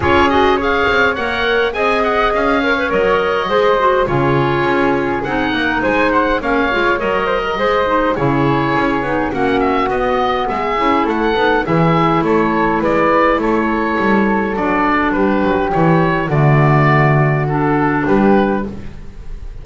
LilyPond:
<<
  \new Staff \with { instrumentName = "oboe" } { \time 4/4 \tempo 4 = 103 cis''8 dis''8 f''4 fis''4 gis''8 fis''8 | f''4 dis''2 cis''4~ | cis''4 fis''4 gis''8 fis''8 f''4 | dis''2 cis''2 |
fis''8 e''8 dis''4 e''4 fis''4 | e''4 cis''4 d''4 cis''4~ | cis''4 d''4 b'4 cis''4 | d''2 a'4 b'4 | }
  \new Staff \with { instrumentName = "flute" } { \time 4/4 gis'4 cis''2 dis''4~ | dis''8 cis''4. c''4 gis'4~ | gis'4. ais'8 c''4 cis''4~ | cis''8 c''16 ais'16 c''4 gis'2 |
fis'2 gis'4 a'4 | gis'4 a'4 b'4 a'4~ | a'2 g'2 | fis'2. g'4 | }
  \new Staff \with { instrumentName = "clarinet" } { \time 4/4 f'8 fis'8 gis'4 ais'4 gis'4~ | gis'8 ais'16 b'16 ais'4 gis'8 fis'8 f'4~ | f'4 dis'2 cis'8 f'8 | ais'4 gis'8 dis'8 e'4. dis'8 |
cis'4 b4. e'4 dis'8 | e'1~ | e'4 d'2 e'4 | a2 d'2 | }
  \new Staff \with { instrumentName = "double bass" } { \time 4/4 cis'4. c'8 ais4 c'4 | cis'4 fis4 gis4 cis4 | cis'4 c'8 ais8 gis4 ais8 gis8 | fis4 gis4 cis4 cis'8 b8 |
ais4 b4 gis8 cis'8 a8 b8 | e4 a4 gis4 a4 | g4 fis4 g8 fis8 e4 | d2. g4 | }
>>